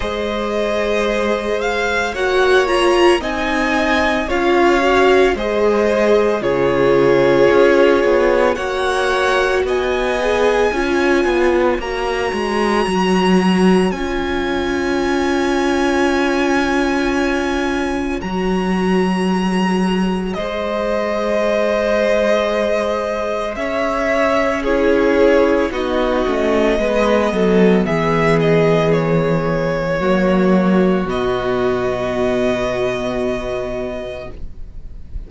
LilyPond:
<<
  \new Staff \with { instrumentName = "violin" } { \time 4/4 \tempo 4 = 56 dis''4. f''8 fis''8 ais''8 gis''4 | f''4 dis''4 cis''2 | fis''4 gis''2 ais''4~ | ais''4 gis''2.~ |
gis''4 ais''2 dis''4~ | dis''2 e''4 cis''4 | dis''2 e''8 dis''8 cis''4~ | cis''4 dis''2. | }
  \new Staff \with { instrumentName = "violin" } { \time 4/4 c''2 cis''4 dis''4 | cis''4 c''4 gis'2 | cis''4 dis''4 cis''2~ | cis''1~ |
cis''2. c''4~ | c''2 cis''4 gis'4 | fis'4 b'8 a'8 gis'2 | fis'1 | }
  \new Staff \with { instrumentName = "viola" } { \time 4/4 gis'2 fis'8 f'8 dis'4 | f'8 fis'8 gis'4 f'2 | fis'4. gis'8 f'4 fis'4~ | fis'4 f'2.~ |
f'4 fis'4 gis'2~ | gis'2. e'4 | dis'8 cis'8 b2. | ais4 b2. | }
  \new Staff \with { instrumentName = "cello" } { \time 4/4 gis2 ais4 c'4 | cis'4 gis4 cis4 cis'8 b8 | ais4 b4 cis'8 b8 ais8 gis8 | fis4 cis'2.~ |
cis'4 fis2 gis4~ | gis2 cis'2 | b8 a8 gis8 fis8 e2 | fis4 b,2. | }
>>